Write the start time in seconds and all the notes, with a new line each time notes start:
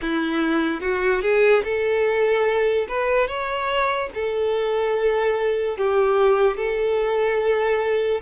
0.01 E4
0.80 F#4
1.21 G#4
1.64 A4
2.88 B4
3.27 C#5
4.14 A4
5.77 G4
6.56 A4